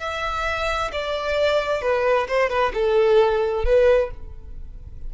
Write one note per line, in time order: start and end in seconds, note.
0.00 0.92 E5
0.92 1.82 D5
1.82 2.28 B4
2.28 2.50 C5
2.50 2.73 B4
2.74 3.65 A4
3.65 4.11 B4